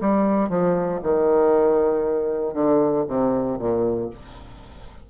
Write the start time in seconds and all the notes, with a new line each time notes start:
0.00 G3
0.49 F3
1.03 D#3
2.53 D3
3.07 C3
3.58 A#2